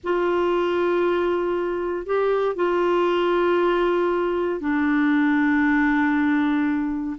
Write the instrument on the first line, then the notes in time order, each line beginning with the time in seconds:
clarinet
0.03 F4
2.05 G4
2.55 F4
4.60 D4